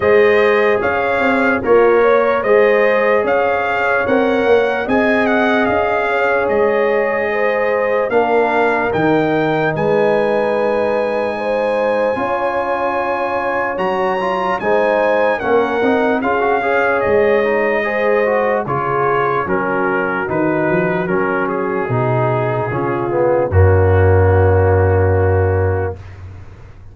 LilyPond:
<<
  \new Staff \with { instrumentName = "trumpet" } { \time 4/4 \tempo 4 = 74 dis''4 f''4 cis''4 dis''4 | f''4 fis''4 gis''8 fis''8 f''4 | dis''2 f''4 g''4 | gis''1~ |
gis''4 ais''4 gis''4 fis''4 | f''4 dis''2 cis''4 | ais'4 b'4 ais'8 gis'4.~ | gis'4 fis'2. | }
  \new Staff \with { instrumentName = "horn" } { \time 4/4 c''4 cis''4 f'8 cis''8 c''4 | cis''2 dis''4. cis''8~ | cis''4 c''4 ais'2 | b'2 c''4 cis''4~ |
cis''2 c''4 ais'4 | gis'8 cis''4. c''4 gis'4 | fis'1 | f'4 cis'2. | }
  \new Staff \with { instrumentName = "trombone" } { \time 4/4 gis'2 ais'4 gis'4~ | gis'4 ais'4 gis'2~ | gis'2 d'4 dis'4~ | dis'2. f'4~ |
f'4 fis'8 f'8 dis'4 cis'8 dis'8 | f'16 fis'16 gis'4 dis'8 gis'8 fis'8 f'4 | cis'4 dis'4 cis'4 dis'4 | cis'8 b8 ais2. | }
  \new Staff \with { instrumentName = "tuba" } { \time 4/4 gis4 cis'8 c'8 ais4 gis4 | cis'4 c'8 ais8 c'4 cis'4 | gis2 ais4 dis4 | gis2. cis'4~ |
cis'4 fis4 gis4 ais8 c'8 | cis'4 gis2 cis4 | fis4 dis8 f8 fis4 b,4 | cis4 fis,2. | }
>>